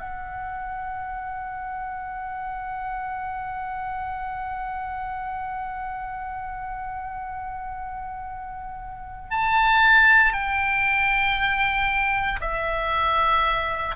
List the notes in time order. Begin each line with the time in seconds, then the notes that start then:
0.00 F#5
9.31 A5
10.33 G5
12.41 E5